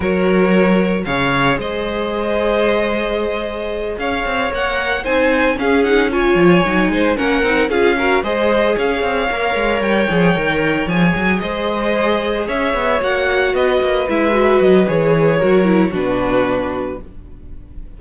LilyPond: <<
  \new Staff \with { instrumentName = "violin" } { \time 4/4 \tempo 4 = 113 cis''2 f''4 dis''4~ | dis''2.~ dis''8 f''8~ | f''8 fis''4 gis''4 f''8 fis''8 gis''8~ | gis''4. fis''4 f''4 dis''8~ |
dis''8 f''2 g''4.~ | g''8 gis''4 dis''2 e''8~ | e''8 fis''4 dis''4 e''4 dis''8 | cis''2 b'2 | }
  \new Staff \with { instrumentName = "violin" } { \time 4/4 ais'2 cis''4 c''4~ | c''2.~ c''8 cis''8~ | cis''4. c''4 gis'4 cis''8~ | cis''4 c''8 ais'4 gis'8 ais'8 c''8~ |
c''8 cis''2.~ cis''8~ | cis''4. c''2 cis''8~ | cis''4. b'2~ b'8~ | b'4 ais'4 fis'2 | }
  \new Staff \with { instrumentName = "viola" } { \time 4/4 fis'2 gis'2~ | gis'1~ | gis'8 ais'4 dis'4 cis'8 dis'8 f'8~ | f'8 dis'4 cis'8 dis'8 f'8 fis'8 gis'8~ |
gis'4. ais'4. gis'8 ais'8~ | ais'8 gis'2.~ gis'8~ | gis'8 fis'2 e'8 fis'4 | gis'4 fis'8 e'8 d'2 | }
  \new Staff \with { instrumentName = "cello" } { \time 4/4 fis2 cis4 gis4~ | gis2.~ gis8 cis'8 | c'8 ais4 c'4 cis'4. | f8 fis8 gis8 ais8 c'8 cis'4 gis8~ |
gis8 cis'8 c'8 ais8 gis8 g8 f8 dis8~ | dis8 f8 fis8 gis2 cis'8 | b8 ais4 b8 ais8 gis4 fis8 | e4 fis4 b,2 | }
>>